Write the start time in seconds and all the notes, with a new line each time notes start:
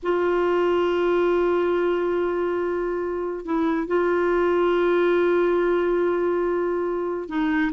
0.02 F4
3.45 E4
3.87 F4
7.28 D#4